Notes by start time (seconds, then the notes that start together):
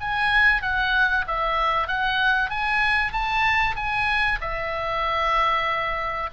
0.00 G#5
0.62 F#5
1.27 E5
1.87 F#5
2.50 G#5
3.12 A5
3.76 G#5
4.40 E5